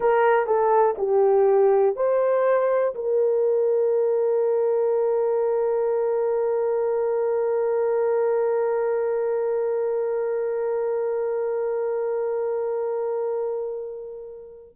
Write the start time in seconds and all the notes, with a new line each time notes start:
0.00 A#4
0.46 A4
0.97 G4
1.95 C5
2.95 A#4